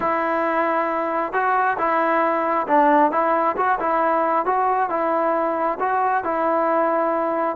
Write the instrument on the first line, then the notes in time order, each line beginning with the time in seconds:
trombone
0.00 E4
1.33 F#4
1.78 E4
2.67 D4
3.11 E4
3.56 F#4
3.79 E4
4.45 F#4
4.89 E4
5.79 F#4
6.23 E4